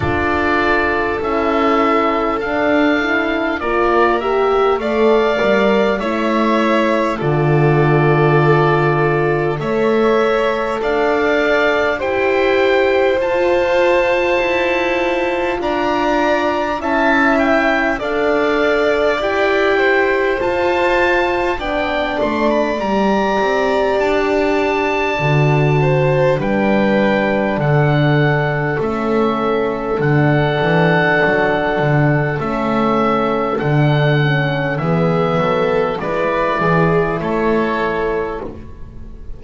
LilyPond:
<<
  \new Staff \with { instrumentName = "oboe" } { \time 4/4 \tempo 4 = 50 d''4 e''4 f''4 d''8 e''8 | f''4 e''4 d''2 | e''4 f''4 g''4 a''4~ | a''4 ais''4 a''8 g''8 f''4 |
g''4 a''4 g''8 c'''16 b''16 ais''4 | a''2 g''4 fis''4 | e''4 fis''2 e''4 | fis''4 e''4 d''4 cis''4 | }
  \new Staff \with { instrumentName = "violin" } { \time 4/4 a'2. ais'4 | d''4 cis''4 a'2 | cis''4 d''4 c''2~ | c''4 d''4 e''4 d''4~ |
d''8 c''4. d''2~ | d''4. c''8 b'4 a'4~ | a'1~ | a'4 gis'8 a'8 b'8 gis'8 a'4 | }
  \new Staff \with { instrumentName = "horn" } { \time 4/4 f'4 e'4 d'8 e'8 f'8 g'8 | a'8 ais'8 e'4 f'2 | a'2 g'4 f'4~ | f'2 e'4 a'4 |
g'4 f'4 d'4 g'4~ | g'4 fis'4 d'2 | cis'4 d'2 cis'4 | d'8 cis'8 b4 e'2 | }
  \new Staff \with { instrumentName = "double bass" } { \time 4/4 d'4 cis'4 d'4 ais4 | a8 g8 a4 d2 | a4 d'4 e'4 f'4 | e'4 d'4 cis'4 d'4 |
e'4 f'4 b8 a8 g8 c'8 | d'4 d4 g4 d4 | a4 d8 e8 fis8 d8 a4 | d4 e8 fis8 gis8 e8 a4 | }
>>